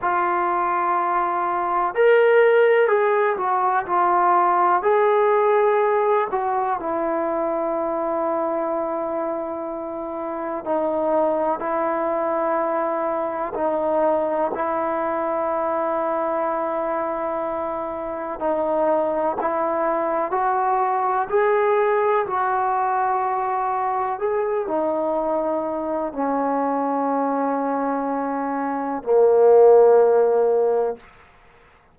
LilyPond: \new Staff \with { instrumentName = "trombone" } { \time 4/4 \tempo 4 = 62 f'2 ais'4 gis'8 fis'8 | f'4 gis'4. fis'8 e'4~ | e'2. dis'4 | e'2 dis'4 e'4~ |
e'2. dis'4 | e'4 fis'4 gis'4 fis'4~ | fis'4 gis'8 dis'4. cis'4~ | cis'2 ais2 | }